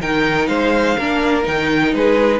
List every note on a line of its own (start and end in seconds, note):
0.00 0.48 D#3
0.00 0.98 D#4
0.00 0.48 A#4
0.00 0.47 G5
0.47 0.96 G#3
0.47 0.97 C5
0.47 1.43 F5
0.97 1.47 A#3
0.97 1.42 D4
0.97 1.94 A#4
1.42 1.93 D#3
1.42 2.39 D#4
1.42 1.94 G5
1.93 2.40 G#3
1.93 2.40 G#4
1.93 2.40 B4